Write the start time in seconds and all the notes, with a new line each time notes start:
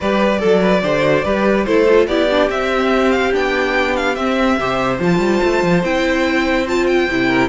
0.00 G3 G4 B4 D5
0.39 F#3 A4
0.61 B4
0.82 D3 G4 C5
1.01 F#4
1.24 G3 G4 B4
1.64 A3 E4 A4 C5
1.89 F4
2.07 B3 E4 G4 D5
2.30 D4
2.49 C4 E5
3.11 F5
3.32 B3 D4 G5
3.96 F5
4.15 C4 E5
4.59 C3 G4 C5
4.99 F3 F4 A5
5.18 G3
5.43 A3
5.63 F3
5.83 C4 E4 G5
6.67 F4 A5
6.86 G5
7.08 C3 E4
7.27 A#4